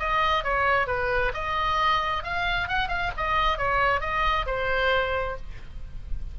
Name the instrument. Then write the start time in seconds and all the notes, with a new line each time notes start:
oboe
0.00 D#5
0.44 C#5
0.87 B4
1.35 D#5
2.24 F5
2.69 F#5
2.89 F5
3.17 D#5
3.58 C#5
4.01 D#5
4.47 C5